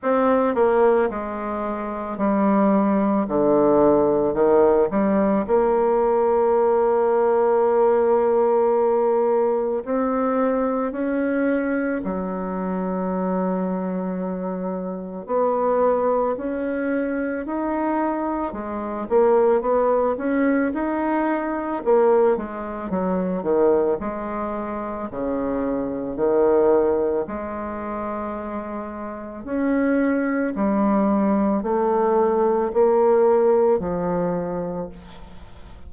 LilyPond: \new Staff \with { instrumentName = "bassoon" } { \time 4/4 \tempo 4 = 55 c'8 ais8 gis4 g4 d4 | dis8 g8 ais2.~ | ais4 c'4 cis'4 fis4~ | fis2 b4 cis'4 |
dis'4 gis8 ais8 b8 cis'8 dis'4 | ais8 gis8 fis8 dis8 gis4 cis4 | dis4 gis2 cis'4 | g4 a4 ais4 f4 | }